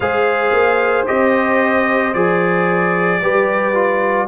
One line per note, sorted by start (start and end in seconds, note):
0.00 0.52 G#3
0.00 1.06 G#4
0.00 3.20 C5
0.00 1.05 F5
0.52 1.06 A#3
1.06 2.14 C4
1.06 2.13 G4
1.06 2.13 D#5
2.13 3.21 F3
2.13 3.21 G#4
2.13 4.27 D5
3.21 4.27 G3
3.21 3.74 G4
3.21 4.27 B4
3.74 4.27 F4